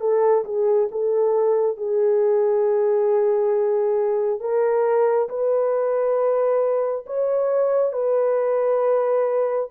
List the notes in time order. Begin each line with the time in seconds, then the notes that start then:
0.00 A4
0.45 G#4
0.91 A4
1.77 G#4
4.40 A#4
5.29 B4
7.06 C#5
7.93 B4